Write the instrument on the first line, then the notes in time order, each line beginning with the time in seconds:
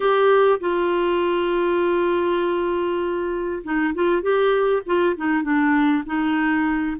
clarinet
0.00 G4
0.60 F4
3.63 D#4
3.94 F4
4.21 G4
4.85 F4
5.16 D#4
5.42 D4
6.06 D#4